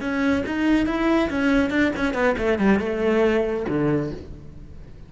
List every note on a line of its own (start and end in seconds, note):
0.00 0.43 C#4
0.46 0.86 D#4
0.86 1.29 E4
1.29 1.70 C#4
1.70 1.91 D4
1.96 2.13 C#4
2.13 2.35 B3
2.38 2.58 A3
2.58 2.79 G3
2.79 3.65 A3
3.68 4.11 D3